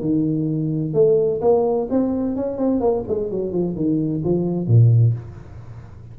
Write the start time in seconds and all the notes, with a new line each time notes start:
0.00 D#3
0.93 A3
1.41 A#3
1.90 C4
2.35 C#4
2.57 C4
2.80 A#3
3.07 G#3
3.30 F#3
3.52 F3
3.75 D#3
4.24 F3
4.67 A#2